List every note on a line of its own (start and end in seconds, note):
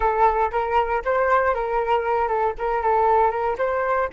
0.00 0.51 A4
0.51 1.03 A#4
1.05 1.54 C5
1.54 2.28 A#4
2.28 2.53 A4
2.58 2.82 A#4
2.82 3.31 A4
3.31 3.56 A#4
3.58 4.09 C5